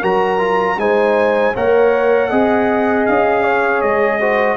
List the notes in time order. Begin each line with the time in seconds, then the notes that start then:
0.00 F#3 F#4 A#4 A#5
0.38 F4
0.78 G#3 D#4 C5 G#5
1.55 A#3 A#4 C#5 F#5
2.30 C4 G#4 D#5
3.06 C#4 F5
3.43 C#5
3.81 G#3 D#5
4.20 F#4 C5